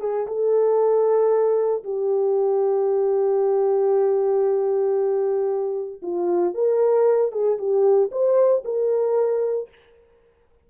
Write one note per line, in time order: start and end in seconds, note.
0.00 0.26 G#4
0.27 1.83 A4
1.83 6.01 G4
6.02 6.54 F4
6.54 7.31 A#4
7.31 7.57 G#4
7.58 8.10 G4
8.11 8.63 C5
8.64 9.69 A#4